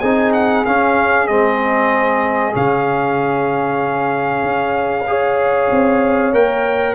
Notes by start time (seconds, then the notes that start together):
0.00 C4 D#4 G#4 G#5
0.33 F#5
0.65 C#4 F5
1.27 G#3 C4 D#5
2.52 C#3 C#4 F5
4.43 C#4
5.07 G#4 C#5
5.71 C4
6.33 A#3 A#4 G5